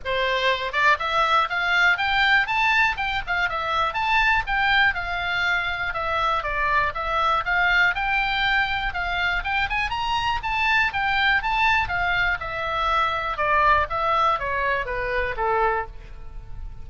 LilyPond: \new Staff \with { instrumentName = "oboe" } { \time 4/4 \tempo 4 = 121 c''4. d''8 e''4 f''4 | g''4 a''4 g''8 f''8 e''4 | a''4 g''4 f''2 | e''4 d''4 e''4 f''4 |
g''2 f''4 g''8 gis''8 | ais''4 a''4 g''4 a''4 | f''4 e''2 d''4 | e''4 cis''4 b'4 a'4 | }